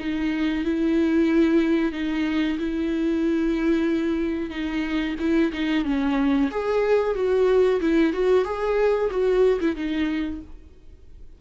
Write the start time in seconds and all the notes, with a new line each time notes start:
0.00 D#4
0.65 E4
1.93 D#4
2.59 E4
4.51 D#4
5.20 E4
5.53 D#4
5.85 C#4
6.51 G#4
7.15 F#4
7.81 E4
8.14 F#4
8.45 G#4
9.11 F#4
9.61 E4
9.76 D#4